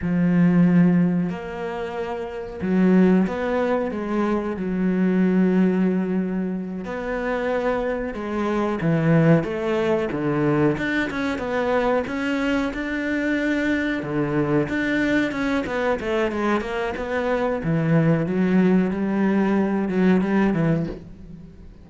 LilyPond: \new Staff \with { instrumentName = "cello" } { \time 4/4 \tempo 4 = 92 f2 ais2 | fis4 b4 gis4 fis4~ | fis2~ fis8 b4.~ | b8 gis4 e4 a4 d8~ |
d8 d'8 cis'8 b4 cis'4 d'8~ | d'4. d4 d'4 cis'8 | b8 a8 gis8 ais8 b4 e4 | fis4 g4. fis8 g8 e8 | }